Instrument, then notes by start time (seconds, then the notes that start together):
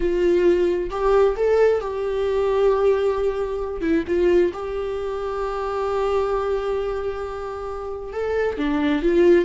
viola
0.00 F4
0.90 G4
1.36 A4
1.80 G4
3.81 E4
4.07 F4
4.53 G4
8.12 A4
8.57 D4
9.02 F4